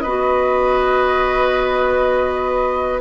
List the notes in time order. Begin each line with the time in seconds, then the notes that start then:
0.00 B3 F#4 B4 D#5